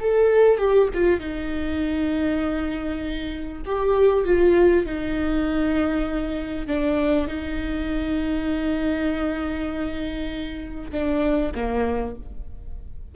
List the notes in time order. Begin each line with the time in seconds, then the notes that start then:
0.00 A4
0.58 G4
0.93 F4
1.20 D#4
3.66 G4
4.25 F4
4.86 D#4
6.67 D4
7.27 D#4
10.91 D4
11.55 A#3